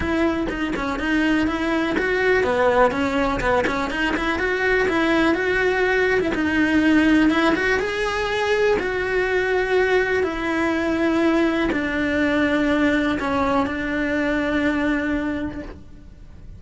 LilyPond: \new Staff \with { instrumentName = "cello" } { \time 4/4 \tempo 4 = 123 e'4 dis'8 cis'8 dis'4 e'4 | fis'4 b4 cis'4 b8 cis'8 | dis'8 e'8 fis'4 e'4 fis'4~ | fis'8. e'16 dis'2 e'8 fis'8 |
gis'2 fis'2~ | fis'4 e'2. | d'2. cis'4 | d'1 | }